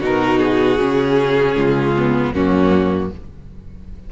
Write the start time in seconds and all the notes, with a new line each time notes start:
0.00 B2 D#4 F#4 A#4
0.38 G#4
0.79 C#3 C#4
1.56 C#2 F4
1.96 B3
2.33 F#2 A#3 C#4 F#4